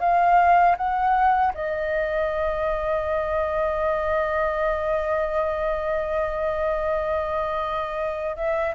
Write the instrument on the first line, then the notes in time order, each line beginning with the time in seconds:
flute
0.00 F5
0.77 F#5
1.55 D#5
8.37 E5